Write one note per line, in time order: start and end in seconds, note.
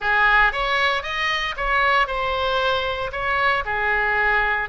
0.00 0.52 G#4
0.52 1.02 C#5
1.02 1.54 D#5
1.56 2.07 C#5
2.07 3.11 C5
3.12 3.64 C#5
3.65 4.69 G#4